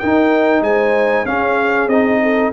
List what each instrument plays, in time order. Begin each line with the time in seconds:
0.00 trombone D#4, tuba D#4, horn A#4, trumpet G5
0.61 tuba G#3, horn C5, trumpet G#5
1.26 tuba C#4, trombone C#4, horn G#4, trumpet F5
1.88 tuba C4, trombone D#4, trumpet D#5
2.22 horn A4